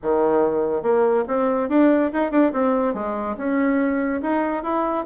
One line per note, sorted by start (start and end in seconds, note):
0.02 0.82 D#3
0.82 1.24 A#3
1.27 1.69 C4
1.69 2.11 D4
2.12 2.31 D#4
2.31 2.52 D4
2.52 2.94 C4
2.94 3.36 G#3
3.37 4.21 C#4
4.22 4.63 D#4
4.63 5.05 E4